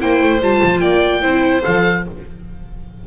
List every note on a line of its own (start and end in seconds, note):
0.00 0.22 A#3
0.00 0.41 E4
0.00 0.82 C5
0.00 0.42 G5
0.22 0.42 A3
0.42 0.62 G3
0.42 1.22 F4
0.42 0.80 A5
0.63 0.82 F3
0.80 1.22 A#3
0.80 1.22 D5
0.80 1.62 G5
1.22 1.63 C4
1.22 1.63 E4
1.22 2.03 C5
1.64 2.07 F3
1.64 2.05 A4
1.64 2.05 F5